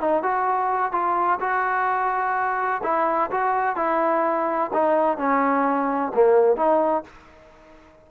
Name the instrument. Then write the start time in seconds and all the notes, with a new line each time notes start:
trombone
0.00 D#4
0.23 F#4
0.92 F4
1.40 F#4
2.83 E4
3.31 F#4
3.76 E4
4.73 D#4
5.18 C#4
6.14 A#3
6.56 D#4